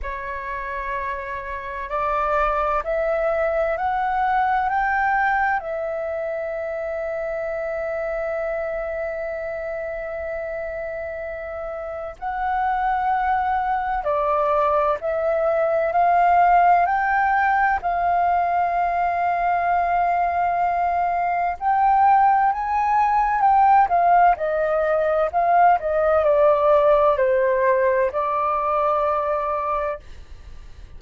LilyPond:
\new Staff \with { instrumentName = "flute" } { \time 4/4 \tempo 4 = 64 cis''2 d''4 e''4 | fis''4 g''4 e''2~ | e''1~ | e''4 fis''2 d''4 |
e''4 f''4 g''4 f''4~ | f''2. g''4 | gis''4 g''8 f''8 dis''4 f''8 dis''8 | d''4 c''4 d''2 | }